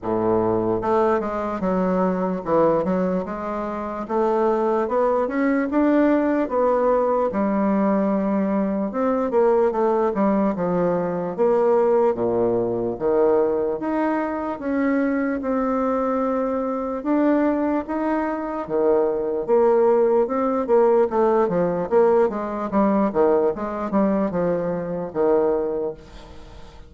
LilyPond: \new Staff \with { instrumentName = "bassoon" } { \time 4/4 \tempo 4 = 74 a,4 a8 gis8 fis4 e8 fis8 | gis4 a4 b8 cis'8 d'4 | b4 g2 c'8 ais8 | a8 g8 f4 ais4 ais,4 |
dis4 dis'4 cis'4 c'4~ | c'4 d'4 dis'4 dis4 | ais4 c'8 ais8 a8 f8 ais8 gis8 | g8 dis8 gis8 g8 f4 dis4 | }